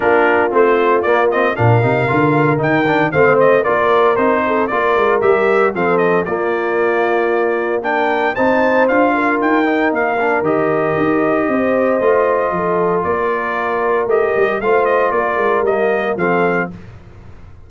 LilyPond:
<<
  \new Staff \with { instrumentName = "trumpet" } { \time 4/4 \tempo 4 = 115 ais'4 c''4 d''8 dis''8 f''4~ | f''4 g''4 f''8 dis''8 d''4 | c''4 d''4 e''4 f''8 dis''8 | d''2. g''4 |
a''4 f''4 g''4 f''4 | dis''1~ | dis''4 d''2 dis''4 | f''8 dis''8 d''4 dis''4 f''4 | }
  \new Staff \with { instrumentName = "horn" } { \time 4/4 f'2. ais'4~ | ais'2 c''4 ais'4~ | ais'8 a'8 ais'2 a'4 | f'2. ais'4 |
c''4. ais'2~ ais'8~ | ais'2 c''2 | a'4 ais'2. | c''4 ais'2 a'4 | }
  \new Staff \with { instrumentName = "trombone" } { \time 4/4 d'4 c'4 ais8 c'8 d'8 dis'8 | f'4 dis'8 d'8 c'4 f'4 | dis'4 f'4 g'4 c'4 | ais2. d'4 |
dis'4 f'4. dis'4 d'8 | g'2. f'4~ | f'2. g'4 | f'2 ais4 c'4 | }
  \new Staff \with { instrumentName = "tuba" } { \time 4/4 ais4 a4 ais4 ais,8 c8 | d4 dis4 a4 ais4 | c'4 ais8 gis8 g4 f4 | ais1 |
c'4 d'4 dis'4 ais4 | dis4 dis'4 c'4 a4 | f4 ais2 a8 g8 | a4 ais8 gis8 g4 f4 | }
>>